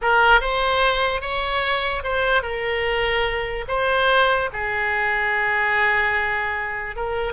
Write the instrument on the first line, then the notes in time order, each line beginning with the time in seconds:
oboe
0.01 A#4
0.40 C5
1.21 C#5
2.03 C5
2.42 A#4
3.67 C5
4.52 G#4
6.96 A#4